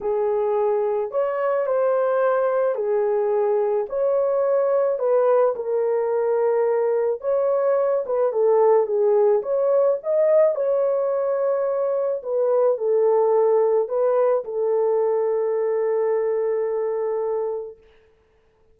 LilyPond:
\new Staff \with { instrumentName = "horn" } { \time 4/4 \tempo 4 = 108 gis'2 cis''4 c''4~ | c''4 gis'2 cis''4~ | cis''4 b'4 ais'2~ | ais'4 cis''4. b'8 a'4 |
gis'4 cis''4 dis''4 cis''4~ | cis''2 b'4 a'4~ | a'4 b'4 a'2~ | a'1 | }